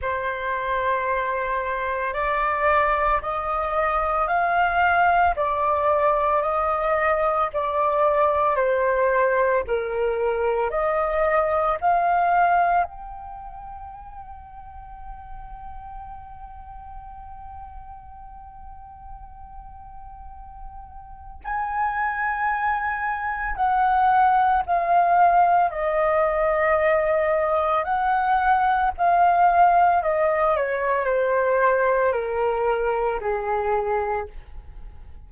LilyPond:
\new Staff \with { instrumentName = "flute" } { \time 4/4 \tempo 4 = 56 c''2 d''4 dis''4 | f''4 d''4 dis''4 d''4 | c''4 ais'4 dis''4 f''4 | g''1~ |
g''1 | gis''2 fis''4 f''4 | dis''2 fis''4 f''4 | dis''8 cis''8 c''4 ais'4 gis'4 | }